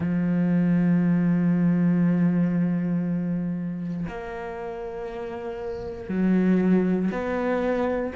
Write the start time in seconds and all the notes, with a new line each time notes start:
0.00 F3
4.07 A#3
6.08 F#3
7.11 B3